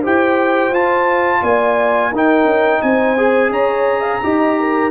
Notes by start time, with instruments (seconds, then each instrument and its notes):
0.00 tuba E4, trombone G4, horn C5, trumpet G5
0.70 tuba F4, trombone F4, trumpet A5
1.41 tuba A#3, horn D5, trumpet G#5
2.10 tuba D#4, trombone D#4, horn A#4
2.16 trumpet G5
2.44 tuba C#4
2.81 tuba C4, horn C5, trumpet G#5
3.17 trombone G#4
3.49 tuba C#4, horn C#5, trumpet A#5
4.00 horn F5
4.23 tuba D#4, trombone G4, horn D#5
4.59 horn A#4